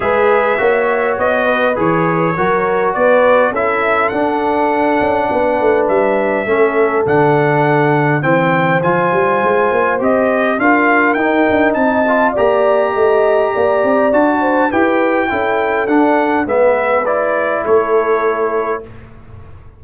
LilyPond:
<<
  \new Staff \with { instrumentName = "trumpet" } { \time 4/4 \tempo 4 = 102 e''2 dis''4 cis''4~ | cis''4 d''4 e''4 fis''4~ | fis''2 e''2 | fis''2 g''4 gis''4~ |
gis''4 dis''4 f''4 g''4 | a''4 ais''2. | a''4 g''2 fis''4 | e''4 d''4 cis''2 | }
  \new Staff \with { instrumentName = "horn" } { \time 4/4 b'4 cis''4. b'4. | ais'4 b'4 a'2~ | a'4 b'2 a'4~ | a'2 c''2~ |
c''2 ais'2 | dis''4 d''4 dis''4 d''4~ | d''8 c''8 b'4 a'2 | b'2 a'2 | }
  \new Staff \with { instrumentName = "trombone" } { \time 4/4 gis'4 fis'2 gis'4 | fis'2 e'4 d'4~ | d'2. cis'4 | d'2 c'4 f'4~ |
f'4 g'4 f'4 dis'4~ | dis'8 f'8 g'2. | fis'4 g'4 e'4 d'4 | b4 e'2. | }
  \new Staff \with { instrumentName = "tuba" } { \time 4/4 gis4 ais4 b4 e4 | fis4 b4 cis'4 d'4~ | d'8 cis'8 b8 a8 g4 a4 | d2 e4 f8 g8 |
gis8 ais8 c'4 d'4 dis'8 d'8 | c'4 ais4 a4 ais8 c'8 | d'4 e'4 cis'4 d'4 | gis2 a2 | }
>>